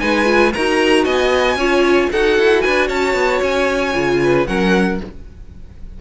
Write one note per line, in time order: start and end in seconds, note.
0.00 0.55 G#3
0.00 0.26 D#4
0.00 0.54 B4
0.00 0.53 G#5
0.26 0.52 F4
0.54 1.06 D#4
0.54 1.59 F#4
0.54 1.05 A#4
0.54 1.05 A#5
1.05 1.56 B3
1.05 1.57 D#5
1.05 2.10 G#5
1.56 2.09 C#4
1.56 2.12 F4
1.56 2.10 C#5
2.12 2.39 D#4
2.12 3.94 F#4
2.12 2.64 A4
2.12 2.62 F#5
2.39 2.65 E4
2.62 2.90 D4
2.62 2.88 B4
2.62 2.88 G#5
2.88 3.15 C#4
2.88 4.19 C#5
2.88 3.42 A5
3.15 3.41 B3
3.43 3.95 C#4
3.43 4.47 G#5
3.94 4.48 C#3
3.94 4.46 F4
4.23 4.49 B4
4.47 5.01 F#3
4.47 5.00 C#4
4.47 5.01 A#4
4.47 5.00 F#5